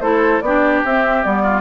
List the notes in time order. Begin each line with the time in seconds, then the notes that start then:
0.00 A3 E4 A4 C5
0.40 B3 D4 G4 D5
0.84 C4 E5
1.23 G3 B3 D5
1.42 F4